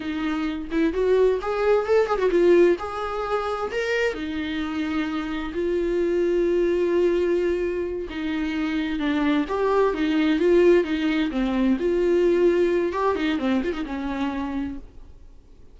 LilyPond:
\new Staff \with { instrumentName = "viola" } { \time 4/4 \tempo 4 = 130 dis'4. e'8 fis'4 gis'4 | a'8 gis'16 fis'16 f'4 gis'2 | ais'4 dis'2. | f'1~ |
f'4. dis'2 d'8~ | d'8 g'4 dis'4 f'4 dis'8~ | dis'8 c'4 f'2~ f'8 | g'8 dis'8 c'8 f'16 dis'16 cis'2 | }